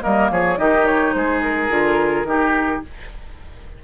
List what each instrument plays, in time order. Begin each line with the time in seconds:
0.00 bassoon G3, clarinet A#3, oboe A#4, flute D#5
0.31 bassoon F3, oboe G#4, flute C#5
0.58 bassoon D#3, clarinet D#4, oboe G4, flute D#5
0.86 flute C#5
1.14 bassoon G#3, oboe G#4, flute C5
1.42 flute A#4
1.70 bassoon D3, clarinet F4
2.25 bassoon D#3, clarinet D#4, oboe G4